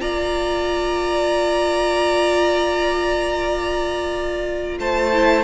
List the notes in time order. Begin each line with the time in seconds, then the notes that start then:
0.00 A#3 F4 D5 A#5
4.79 A3 C5 A5
5.12 E4